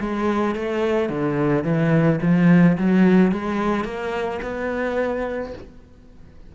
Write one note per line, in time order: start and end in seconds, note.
0.00 0.55 G#3
0.55 1.09 A3
1.09 1.64 D3
1.64 2.19 E3
2.21 2.77 F3
2.78 3.31 F#3
3.31 3.84 G#3
3.84 4.40 A#3
4.42 5.53 B3